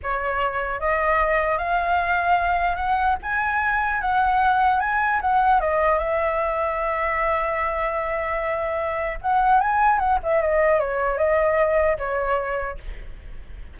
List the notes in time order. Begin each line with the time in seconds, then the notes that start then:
0.02 C#5
0.80 D#5
1.57 F5
2.76 F#5
3.22 G#5
4.01 F#5
4.80 G#5
5.21 F#5
5.60 D#5
5.98 E5
9.21 F#5
9.60 G#5
9.98 F#5
10.23 E5
10.41 D#5
10.79 C#5
11.17 D#5
11.97 C#5